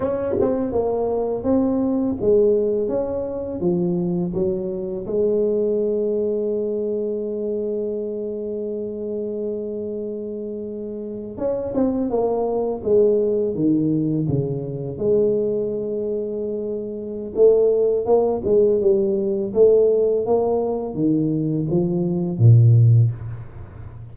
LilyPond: \new Staff \with { instrumentName = "tuba" } { \time 4/4 \tempo 4 = 83 cis'8 c'8 ais4 c'4 gis4 | cis'4 f4 fis4 gis4~ | gis1~ | gis2.~ gis8. cis'16~ |
cis'16 c'8 ais4 gis4 dis4 cis16~ | cis8. gis2.~ gis16 | a4 ais8 gis8 g4 a4 | ais4 dis4 f4 ais,4 | }